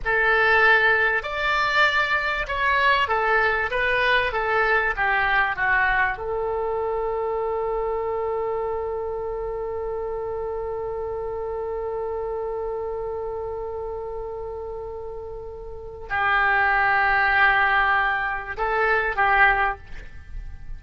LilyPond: \new Staff \with { instrumentName = "oboe" } { \time 4/4 \tempo 4 = 97 a'2 d''2 | cis''4 a'4 b'4 a'4 | g'4 fis'4 a'2~ | a'1~ |
a'1~ | a'1~ | a'2 g'2~ | g'2 a'4 g'4 | }